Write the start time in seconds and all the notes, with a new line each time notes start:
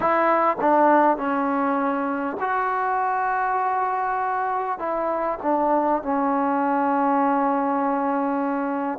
0.00 E4
0.60 D4
1.17 C#4
2.40 F#4
4.78 E4
5.42 D4
6.02 C#4